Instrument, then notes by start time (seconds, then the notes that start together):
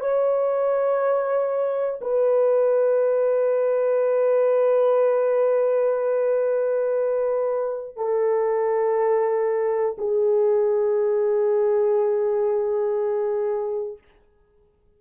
horn
0.00 C#5
2.01 B4
7.96 A4
9.98 G#4